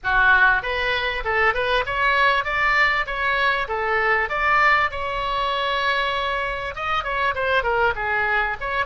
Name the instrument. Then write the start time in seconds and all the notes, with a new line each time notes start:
oboe
0.03 F#4
0.62 B4
1.24 A4
1.53 B4
1.85 C#5
2.44 D5
3.06 C#5
3.68 A4
4.29 D5
4.91 C#5
6.75 D#5
7.04 C#5
7.35 C5
7.63 A#4
7.95 G#4
8.60 C#5